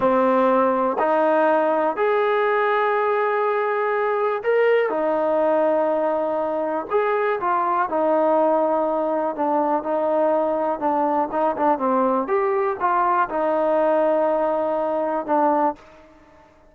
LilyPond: \new Staff \with { instrumentName = "trombone" } { \time 4/4 \tempo 4 = 122 c'2 dis'2 | gis'1~ | gis'4 ais'4 dis'2~ | dis'2 gis'4 f'4 |
dis'2. d'4 | dis'2 d'4 dis'8 d'8 | c'4 g'4 f'4 dis'4~ | dis'2. d'4 | }